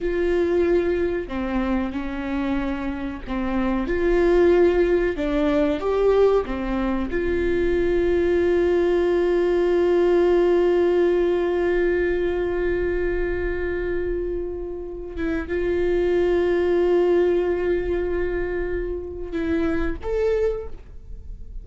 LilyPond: \new Staff \with { instrumentName = "viola" } { \time 4/4 \tempo 4 = 93 f'2 c'4 cis'4~ | cis'4 c'4 f'2 | d'4 g'4 c'4 f'4~ | f'1~ |
f'1~ | f'2.~ f'8 e'8 | f'1~ | f'2 e'4 a'4 | }